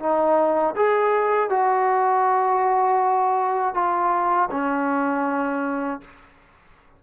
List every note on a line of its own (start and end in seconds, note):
0.00 0.75 D#4
0.76 1.50 G#4
1.50 3.75 F#4
3.75 4.50 F4
4.51 6.01 C#4